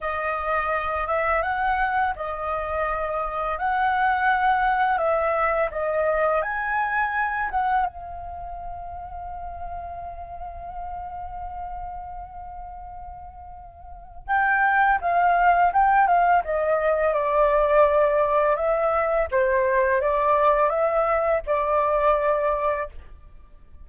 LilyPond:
\new Staff \with { instrumentName = "flute" } { \time 4/4 \tempo 4 = 84 dis''4. e''8 fis''4 dis''4~ | dis''4 fis''2 e''4 | dis''4 gis''4. fis''8 f''4~ | f''1~ |
f''1 | g''4 f''4 g''8 f''8 dis''4 | d''2 e''4 c''4 | d''4 e''4 d''2 | }